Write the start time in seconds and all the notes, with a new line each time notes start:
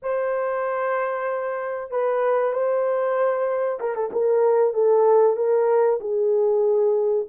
0.02 C5
1.91 B4
2.53 C5
3.80 A#4
3.95 A4
4.12 A#4
4.73 A4
5.36 A#4
6.00 G#4